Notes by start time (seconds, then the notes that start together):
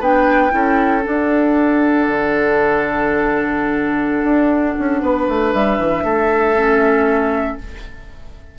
0.00 B3 D4 B4 G5
0.51 C#4 E4 A4
1.03 D4 F#5
2.08 D3
4.24 D4
4.79 C#4
5.02 B3 B4
5.29 A3
5.53 G3 E5
5.78 E3
6.04 A3 A4
6.56 C#4